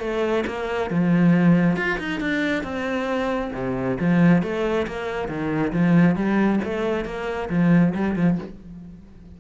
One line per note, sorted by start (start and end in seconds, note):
0.00 0.44 A3
0.47 0.90 A#3
0.90 1.76 F3
1.76 1.98 F4
1.98 2.20 D#4
2.20 2.63 D4
2.63 3.52 C4
3.53 3.97 C3
4.00 4.42 F3
4.42 4.86 A3
4.87 5.28 A#3
5.28 5.72 D#3
5.73 6.16 F3
6.16 6.60 G3
6.64 7.05 A3
7.05 7.49 A#3
7.49 7.94 F3
7.95 8.16 G3
8.16 8.38 F3